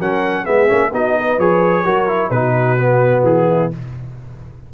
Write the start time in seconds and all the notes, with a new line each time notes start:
0.00 F#3 C#4 A#4 F#5
0.44 G#3 B3 G#4 E5
0.68 A#3 C#4
0.93 B3 D#4 F#4 D#5
1.18 B4
1.39 F3 G#4 C#5
1.85 F#3 F#4 A#4
2.08 E4
2.31 B2 D#4 F#4 B4
2.78 B3
3.23 E3 G#4
3.50 E4